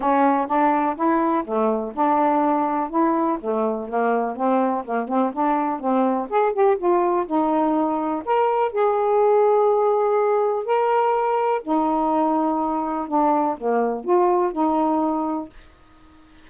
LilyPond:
\new Staff \with { instrumentName = "saxophone" } { \time 4/4 \tempo 4 = 124 cis'4 d'4 e'4 a4 | d'2 e'4 a4 | ais4 c'4 ais8 c'8 d'4 | c'4 gis'8 g'8 f'4 dis'4~ |
dis'4 ais'4 gis'2~ | gis'2 ais'2 | dis'2. d'4 | ais4 f'4 dis'2 | }